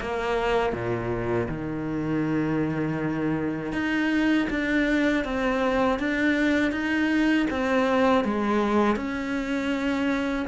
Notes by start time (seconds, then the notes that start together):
0.00 A#3
0.72 A#2
1.48 D#3
3.72 D#4
4.50 D4
5.24 C4
5.99 D4
6.71 D#4
7.50 C4
8.24 G#3
8.96 C#4